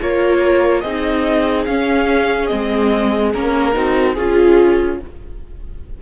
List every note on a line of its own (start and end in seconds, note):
0.00 0.83 A#3
0.00 0.83 F4
0.00 0.81 A#4
0.00 0.80 C#5
0.80 1.66 C4
0.80 1.68 D#4
0.80 3.73 G#4
0.80 1.64 D#5
1.64 2.51 C#4
1.64 2.49 C#4
1.64 2.46 F5
2.46 3.34 G#3
2.46 3.32 C4
2.46 3.30 D#5
3.33 3.75 A#3
3.33 3.72 C#4
3.33 4.14 A#4
3.72 4.16 C4
3.72 4.14 D#4
3.72 4.16 F#4
4.14 4.99 C#4
4.14 4.99 F4
4.14 5.01 F4
4.14 4.97 G#4